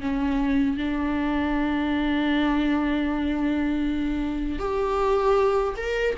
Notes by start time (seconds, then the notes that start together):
0.00 C#4
0.77 D4
4.59 G4
5.76 A#4